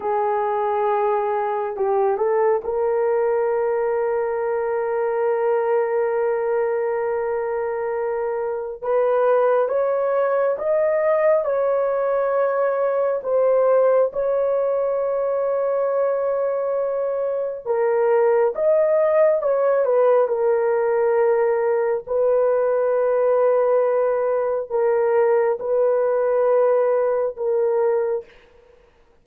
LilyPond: \new Staff \with { instrumentName = "horn" } { \time 4/4 \tempo 4 = 68 gis'2 g'8 a'8 ais'4~ | ais'1~ | ais'2 b'4 cis''4 | dis''4 cis''2 c''4 |
cis''1 | ais'4 dis''4 cis''8 b'8 ais'4~ | ais'4 b'2. | ais'4 b'2 ais'4 | }